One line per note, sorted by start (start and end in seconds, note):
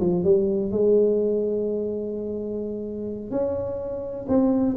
0.00 0.24 F3
0.24 0.71 G3
0.71 3.31 G#3
3.31 4.26 C#4
4.29 4.76 C4